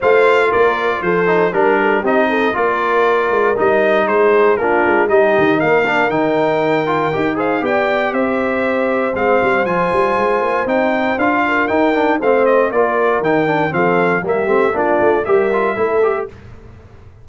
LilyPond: <<
  \new Staff \with { instrumentName = "trumpet" } { \time 4/4 \tempo 4 = 118 f''4 d''4 c''4 ais'4 | dis''4 d''2 dis''4 | c''4 ais'4 dis''4 f''4 | g''2~ g''8 f''8 g''4 |
e''2 f''4 gis''4~ | gis''4 g''4 f''4 g''4 | f''8 dis''8 d''4 g''4 f''4 | e''4 d''4 e''2 | }
  \new Staff \with { instrumentName = "horn" } { \time 4/4 c''4 ais'4 a'4 ais'8 a'8 | g'8 a'8 ais'2. | gis'4 f'4 g'4 ais'4~ | ais'2~ ais'8 c''8 d''4 |
c''1~ | c''2~ c''8 ais'4. | c''4 ais'2 a'4 | g'4 f'4 ais'4 a'4 | }
  \new Staff \with { instrumentName = "trombone" } { \time 4/4 f'2~ f'8 dis'8 d'4 | dis'4 f'2 dis'4~ | dis'4 d'4 dis'4. d'8 | dis'4. f'8 g'8 gis'8 g'4~ |
g'2 c'4 f'4~ | f'4 dis'4 f'4 dis'8 d'8 | c'4 f'4 dis'8 d'8 c'4 | ais8 c'8 d'4 g'8 f'8 e'8 g'8 | }
  \new Staff \with { instrumentName = "tuba" } { \time 4/4 a4 ais4 f4 g4 | c'4 ais4. gis8 g4 | gis4 ais8 gis8 g8 dis8 ais4 | dis2 dis'4 b4 |
c'2 gis8 g8 f8 g8 | gis8 ais8 c'4 d'4 dis'4 | a4 ais4 dis4 f4 | g8 a8 ais8 a8 g4 a4 | }
>>